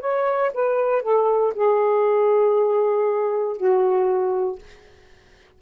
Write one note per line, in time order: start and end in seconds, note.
0.00 0.51 C#5
0.54 1.02 B4
1.02 1.53 A4
1.54 3.57 G#4
3.57 4.59 F#4